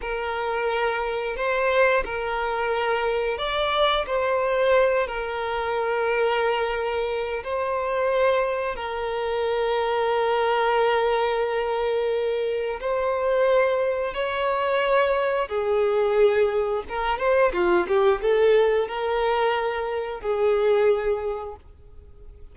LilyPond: \new Staff \with { instrumentName = "violin" } { \time 4/4 \tempo 4 = 89 ais'2 c''4 ais'4~ | ais'4 d''4 c''4. ais'8~ | ais'2. c''4~ | c''4 ais'2.~ |
ais'2. c''4~ | c''4 cis''2 gis'4~ | gis'4 ais'8 c''8 f'8 g'8 a'4 | ais'2 gis'2 | }